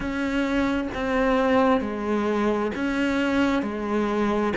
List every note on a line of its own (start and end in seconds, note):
0.00 0.88 C#4
0.94 1.80 C4
1.80 2.71 G#3
2.75 3.62 C#4
3.62 4.53 G#3